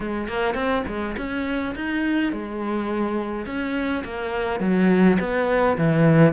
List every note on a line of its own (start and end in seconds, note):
0.00 0.28 G#3
0.28 0.54 A#3
0.54 0.83 C4
0.87 1.16 G#3
1.17 1.75 C#4
1.75 2.32 D#4
2.32 3.46 G#3
3.46 4.03 C#4
4.04 4.60 A#3
4.60 5.17 F#3
5.19 5.77 B3
5.77 6.32 E3